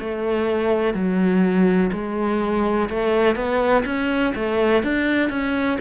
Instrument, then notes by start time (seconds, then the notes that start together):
cello
0.00 A3
0.95 F#3
1.93 G#3
2.90 A3
3.36 B3
3.86 C#4
4.35 A3
4.84 D4
5.30 C#4